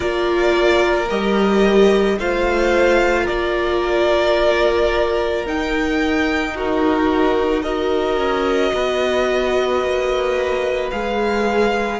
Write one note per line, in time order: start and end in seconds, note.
0.00 1.10 A#3
0.00 1.05 F4
0.00 2.16 A#4
0.00 1.08 D5
1.09 2.18 G3
1.09 2.18 G4
1.09 2.18 D#5
2.18 3.27 A3
2.18 5.46 F4
2.18 3.23 C5
2.18 3.27 F5
3.23 5.45 A#3
3.23 6.50 A#4
3.23 5.45 D5
5.45 8.17 D#4
5.45 7.64 D#4
5.45 6.57 G5
6.55 7.62 F#4
6.55 7.62 A#4
7.62 10.92 F#4
7.62 8.71 A#4
7.62 10.89 D#5
8.17 8.71 C#4
8.73 9.81 B3
8.73 11.99 B4
9.81 10.90 A#3
10.91 11.99 G#3
10.91 11.99 G#4
10.91 11.99 F5